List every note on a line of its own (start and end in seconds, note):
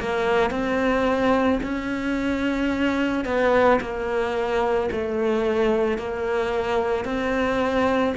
0.00 0.51 A#3
0.51 1.60 C4
1.63 3.25 C#4
3.25 3.80 B3
3.81 4.90 A#3
4.91 5.99 A3
5.99 7.05 A#3
7.05 8.14 C4